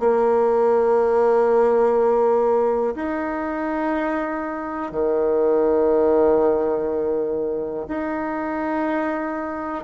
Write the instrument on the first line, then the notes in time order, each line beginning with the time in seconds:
bassoon
0.00 A#3
2.96 D#4
4.92 D#3
7.88 D#4